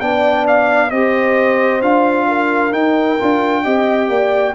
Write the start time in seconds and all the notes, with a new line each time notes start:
0.00 B3 D4 D5 G5
0.47 F5
0.91 C4 G4 C5 D#5
1.81 D4 F4 F5
2.28 A#4
2.72 D#4 G5
3.19 D4 F4
3.63 C4 G4 D#5
4.09 A#3 D5